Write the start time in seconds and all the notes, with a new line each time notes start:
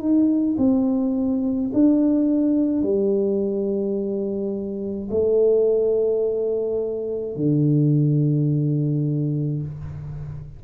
0.00 D#4
0.58 C4
1.74 D4
2.83 G3
5.11 A3
7.36 D3